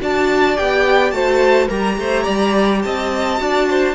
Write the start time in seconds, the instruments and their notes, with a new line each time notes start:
0.00 cello D4, viola F#4, violin D5 A5
0.56 cello B3, viola G4, violin G5
1.12 cello A3, viola F#4, violin C5 A5
1.68 cello G3, viola G4, violin A#4 A#5
1.98 cello A3, violin C5
2.24 cello G3, violin D5
2.82 cello C4, violin D#5 A5
3.38 cello D4, viola F#4, violin D5
3.70 violin C5